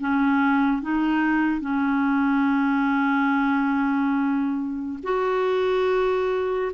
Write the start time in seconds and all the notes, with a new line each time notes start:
0.00 C#4
0.82 D#4
1.61 C#4
5.03 F#4